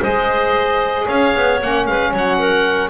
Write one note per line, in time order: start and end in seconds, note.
0.00 1.06 G#3
0.00 1.59 G#4
0.00 1.05 C5
0.00 1.08 D#5
1.06 1.34 C#4
1.06 1.85 C#5
1.06 1.60 F5
1.35 1.61 B3
1.61 1.87 A#3
1.61 2.90 C#4
1.61 1.86 F#5
1.86 2.13 G#3
1.86 2.11 B4
1.86 2.12 F5
2.11 2.90 F#3
2.11 2.38 C#5
2.11 2.90 F#5
2.38 2.90 A#4